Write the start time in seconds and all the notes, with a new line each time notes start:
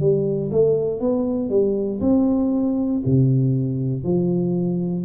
0.00 G3
0.51 A3
1.01 B3
1.50 G3
2.01 C4
3.06 C3
4.04 F3